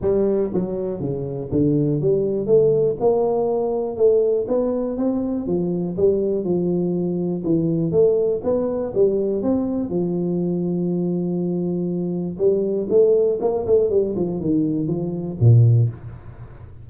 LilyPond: \new Staff \with { instrumentName = "tuba" } { \time 4/4 \tempo 4 = 121 g4 fis4 cis4 d4 | g4 a4 ais2 | a4 b4 c'4 f4 | g4 f2 e4 |
a4 b4 g4 c'4 | f1~ | f4 g4 a4 ais8 a8 | g8 f8 dis4 f4 ais,4 | }